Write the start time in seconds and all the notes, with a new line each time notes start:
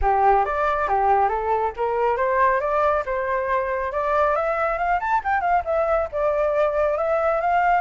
0.01 G4
0.45 D5
0.88 G4
1.28 A4
1.76 A#4
2.16 C5
2.60 D5
3.05 C5
3.92 D5
4.35 E5
4.78 F5
5.00 A5
5.24 G5
5.41 F5
5.64 E5
6.11 D5
6.97 E5
7.40 F5